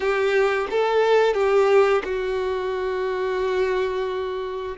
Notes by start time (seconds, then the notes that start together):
0.00 G4
0.70 A4
1.34 G4
2.04 F#4